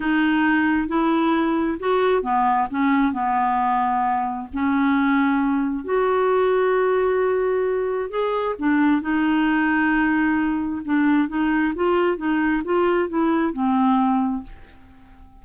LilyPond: \new Staff \with { instrumentName = "clarinet" } { \time 4/4 \tempo 4 = 133 dis'2 e'2 | fis'4 b4 cis'4 b4~ | b2 cis'2~ | cis'4 fis'2.~ |
fis'2 gis'4 d'4 | dis'1 | d'4 dis'4 f'4 dis'4 | f'4 e'4 c'2 | }